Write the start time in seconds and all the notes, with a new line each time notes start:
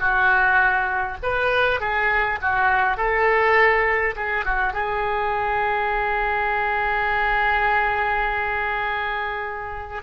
0.00 F#4
1.22 B4
1.80 G#4
2.41 F#4
2.97 A4
4.16 G#4
4.45 F#4
4.73 G#4